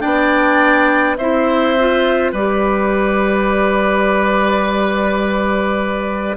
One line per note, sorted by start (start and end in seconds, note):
0.00 1.19 B3
0.00 1.16 D4
0.00 1.17 D5
0.00 1.15 G5
1.17 2.32 C4
1.17 1.78 E4
1.17 2.32 C5
1.17 2.32 E5
1.79 2.35 F4
2.32 6.36 G3
2.32 6.37 G4
2.32 6.36 B4
2.32 6.37 D5